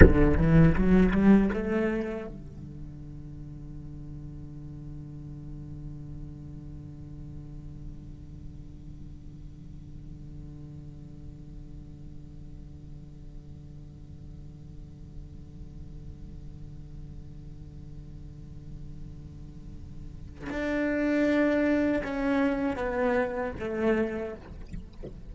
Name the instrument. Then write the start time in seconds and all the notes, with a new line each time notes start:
cello
0.01 D3
0.37 E3
0.77 F#3
1.11 G3
1.53 A3
2.28 D3
20.50 D4
22.03 C#4
22.76 B3
23.59 A3